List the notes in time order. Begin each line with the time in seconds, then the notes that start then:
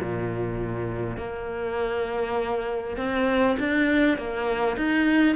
0.00 A#2
1.17 A#3
2.96 C4
3.59 D4
4.17 A#3
4.76 D#4